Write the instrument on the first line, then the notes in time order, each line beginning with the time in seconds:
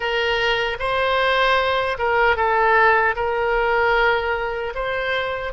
oboe
0.00 A#4
0.79 C5
1.98 A#4
2.36 A4
3.15 A#4
4.74 C5